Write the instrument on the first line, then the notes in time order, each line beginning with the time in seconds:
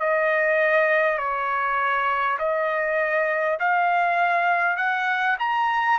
trumpet
0.00 D#5
1.18 C#5
2.38 D#5
3.59 F5
4.77 F#5
5.39 A#5